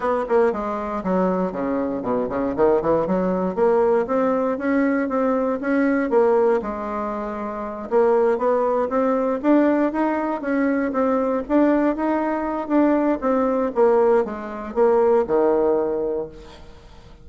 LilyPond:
\new Staff \with { instrumentName = "bassoon" } { \time 4/4 \tempo 4 = 118 b8 ais8 gis4 fis4 cis4 | b,8 cis8 dis8 e8 fis4 ais4 | c'4 cis'4 c'4 cis'4 | ais4 gis2~ gis8 ais8~ |
ais8 b4 c'4 d'4 dis'8~ | dis'8 cis'4 c'4 d'4 dis'8~ | dis'4 d'4 c'4 ais4 | gis4 ais4 dis2 | }